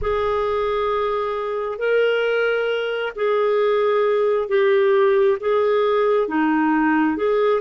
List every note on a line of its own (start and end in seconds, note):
0.01 1.78 G#4
1.78 3.12 A#4
3.15 4.48 G#4
4.48 5.37 G4
5.40 6.27 G#4
6.27 7.16 D#4
7.16 7.60 G#4